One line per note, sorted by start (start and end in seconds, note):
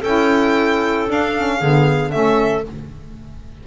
0.00 1.09 C#4
0.00 1.07 E4
0.00 1.58 A4
0.00 1.09 G5
1.07 1.33 D4
1.07 1.62 D4
1.07 2.11 F5
1.36 1.62 C#4
1.58 2.14 D3
1.58 2.12 B3
1.58 2.10 G#4
2.11 2.67 A3
2.11 2.64 C#4
2.11 2.66 A4
2.11 2.64 E5